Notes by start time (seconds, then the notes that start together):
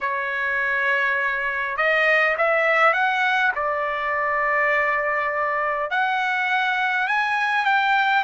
0.00 C#5
1.76 D#5
2.37 E5
2.93 F#5
3.55 D5
5.90 F#5
7.07 G#5
7.65 G5